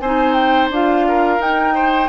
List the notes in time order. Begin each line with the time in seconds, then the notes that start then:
0.00 C4 D#4 C5 G#5
0.33 G5
0.69 D4 F4 F5
1.08 A#4
1.39 D#4 G5
1.74 C5